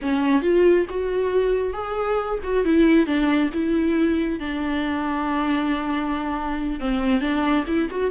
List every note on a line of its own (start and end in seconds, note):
0.01 0.42 C#4
0.42 0.85 F4
0.89 1.73 F#4
1.73 2.38 G#4
2.43 2.64 F#4
2.64 3.06 E4
3.06 3.50 D4
3.53 4.39 E4
4.39 6.79 D4
6.79 7.20 C4
7.20 7.64 D4
7.67 7.89 E4
7.90 8.10 F#4